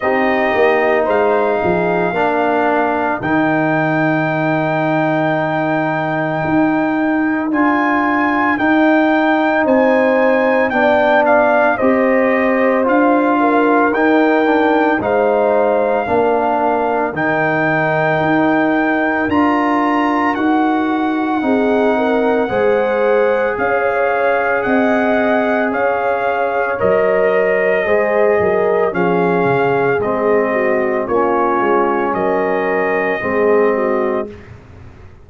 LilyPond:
<<
  \new Staff \with { instrumentName = "trumpet" } { \time 4/4 \tempo 4 = 56 dis''4 f''2 g''4~ | g''2. gis''4 | g''4 gis''4 g''8 f''8 dis''4 | f''4 g''4 f''2 |
g''2 ais''4 fis''4~ | fis''2 f''4 fis''4 | f''4 dis''2 f''4 | dis''4 cis''4 dis''2 | }
  \new Staff \with { instrumentName = "horn" } { \time 4/4 g'4 c''8 gis'8 ais'2~ | ais'1~ | ais'4 c''4 d''4 c''4~ | c''8 ais'4. c''4 ais'4~ |
ais'1 | gis'8 ais'8 c''4 cis''4 dis''4 | cis''2 c''8 ais'8 gis'4~ | gis'8 fis'8 f'4 ais'4 gis'8 fis'8 | }
  \new Staff \with { instrumentName = "trombone" } { \time 4/4 dis'2 d'4 dis'4~ | dis'2. f'4 | dis'2 d'4 g'4 | f'4 dis'8 d'8 dis'4 d'4 |
dis'2 f'4 fis'4 | dis'4 gis'2.~ | gis'4 ais'4 gis'4 cis'4 | c'4 cis'2 c'4 | }
  \new Staff \with { instrumentName = "tuba" } { \time 4/4 c'8 ais8 gis8 f8 ais4 dis4~ | dis2 dis'4 d'4 | dis'4 c'4 b4 c'4 | d'4 dis'4 gis4 ais4 |
dis4 dis'4 d'4 dis'4 | c'4 gis4 cis'4 c'4 | cis'4 fis4 gis8 fis8 f8 cis8 | gis4 ais8 gis8 fis4 gis4 | }
>>